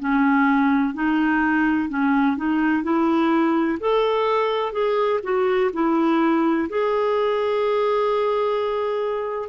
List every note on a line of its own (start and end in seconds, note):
0.00 0.95 C#4
0.95 1.90 D#4
1.90 2.37 C#4
2.37 2.84 D#4
2.84 3.79 E4
3.81 4.73 A4
4.73 5.21 G#4
5.24 5.71 F#4
5.74 6.69 E4
6.70 9.49 G#4